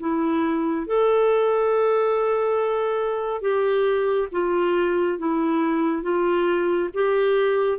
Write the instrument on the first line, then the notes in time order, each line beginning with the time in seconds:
clarinet
0.00 E4
0.87 A4
3.42 G4
4.32 F4
5.19 E4
6.03 F4
6.94 G4